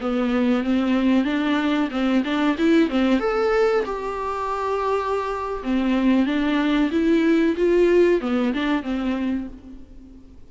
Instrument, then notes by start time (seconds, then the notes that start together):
viola
0.00 B3
0.63 C4
1.24 D4
1.91 C4
2.24 D4
2.58 E4
2.89 C4
3.19 A4
3.85 G4
5.63 C4
6.26 D4
6.91 E4
7.57 F4
8.21 B3
8.54 D4
8.82 C4